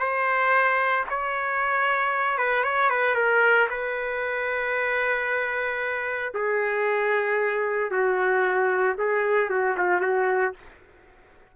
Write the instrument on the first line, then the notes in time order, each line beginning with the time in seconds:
trumpet
0.00 C5
1.10 C#5
2.38 B4
2.64 C#5
2.90 B4
3.16 A#4
3.70 B4
6.35 G#4
7.91 F#4
8.99 G#4
9.50 F#4
9.78 F4
10.01 F#4